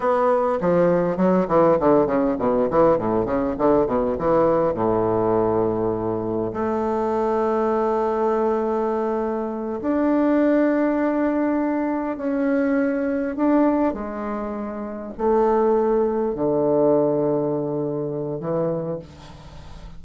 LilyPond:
\new Staff \with { instrumentName = "bassoon" } { \time 4/4 \tempo 4 = 101 b4 f4 fis8 e8 d8 cis8 | b,8 e8 a,8 cis8 d8 b,8 e4 | a,2. a4~ | a1~ |
a8 d'2.~ d'8~ | d'8 cis'2 d'4 gis8~ | gis4. a2 d8~ | d2. e4 | }